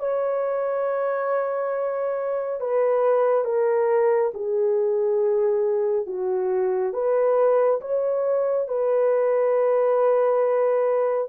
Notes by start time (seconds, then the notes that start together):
0.00 C#5
2.61 B4
3.45 A#4
4.34 G#4
6.07 F#4
6.94 B4
7.81 C#5
8.68 B4